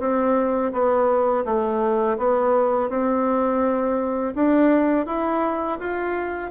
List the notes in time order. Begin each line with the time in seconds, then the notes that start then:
0.00 C4
0.73 B3
1.45 A3
2.18 B3
2.89 C4
4.35 D4
5.06 E4
5.80 F4